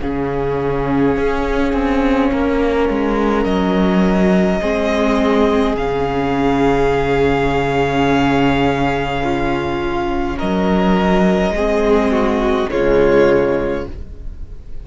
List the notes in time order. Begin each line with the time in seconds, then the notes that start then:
0.00 C#3 C#4 G#4 F5
1.17 C#4
1.72 C4
2.31 A#3 A#4
2.89 G#3
3.44 F#3 D#5
4.60 G#3 C4 G#4
5.74 C#3 C#4 F5
9.23 F4
10.37 F#3 A#4 D#5
11.50 G#3 G#4
11.56 C4
12.12 F#4
12.68 C#3 G#3 F4 C#5